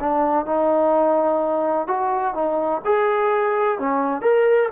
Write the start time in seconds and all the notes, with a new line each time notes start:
0.00 D4
0.46 D#4
1.87 F#4
2.34 D#4
2.85 G#4
3.79 C#4
4.22 A#4